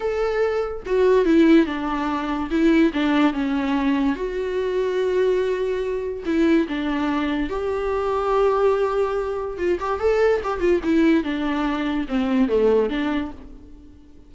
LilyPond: \new Staff \with { instrumentName = "viola" } { \time 4/4 \tempo 4 = 144 a'2 fis'4 e'4 | d'2 e'4 d'4 | cis'2 fis'2~ | fis'2. e'4 |
d'2 g'2~ | g'2. f'8 g'8 | a'4 g'8 f'8 e'4 d'4~ | d'4 c'4 a4 d'4 | }